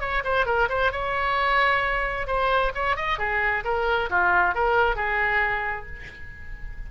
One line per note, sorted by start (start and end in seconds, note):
0.00 0.23 C#5
0.24 0.46 C5
0.46 0.68 A#4
0.69 0.91 C5
0.91 2.27 C#5
2.27 2.72 C5
2.74 2.96 C#5
2.96 3.18 D#5
3.18 3.63 G#4
3.64 4.09 A#4
4.09 4.54 F4
4.54 4.96 A#4
4.96 5.86 G#4